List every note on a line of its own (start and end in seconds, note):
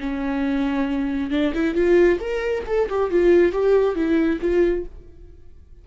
0.00 1.31 C#4
1.31 1.53 D4
1.54 1.75 E4
1.75 2.19 F4
2.20 2.64 A#4
2.67 2.89 A4
2.90 3.11 G4
3.11 3.52 F4
3.52 3.96 G4
3.96 4.40 E4
4.41 4.85 F4